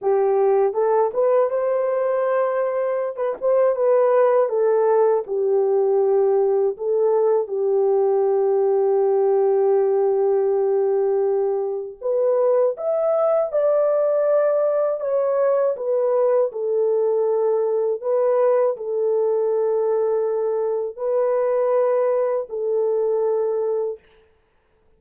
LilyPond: \new Staff \with { instrumentName = "horn" } { \time 4/4 \tempo 4 = 80 g'4 a'8 b'8 c''2~ | c''16 b'16 c''8 b'4 a'4 g'4~ | g'4 a'4 g'2~ | g'1 |
b'4 e''4 d''2 | cis''4 b'4 a'2 | b'4 a'2. | b'2 a'2 | }